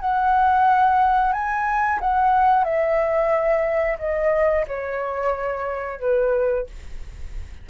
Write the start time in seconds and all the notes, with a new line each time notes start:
0.00 F#5
1.33 G#5
2.00 F#5
2.64 E5
3.98 D#5
4.67 C#5
6.00 B4